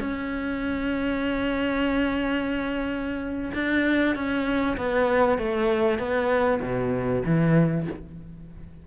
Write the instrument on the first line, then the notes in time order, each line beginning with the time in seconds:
cello
0.00 C#4
3.54 D4
4.16 C#4
4.77 B3
5.38 A3
5.99 B3
6.62 B2
7.26 E3